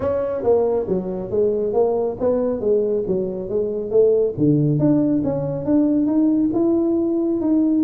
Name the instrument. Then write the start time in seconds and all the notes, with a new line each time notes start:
tuba
0.00 C#4
0.43 A#3
0.88 F#3
1.30 G#3
1.73 A#3
2.20 B3
2.60 G#3
3.07 F#3
3.49 G#3
3.90 A3
4.37 D3
4.79 D4
5.24 C#4
5.65 D4
6.06 D#4
6.53 E4
7.40 D#4